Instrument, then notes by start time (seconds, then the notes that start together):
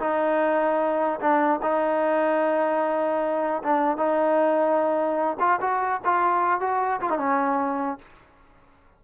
trombone
0.00 D#4
1.20 D4
1.63 D#4
3.63 D4
3.98 D#4
5.40 F4
5.61 F#4
6.05 F4
6.61 F#4
7.01 F4
7.10 D#4
7.19 C#4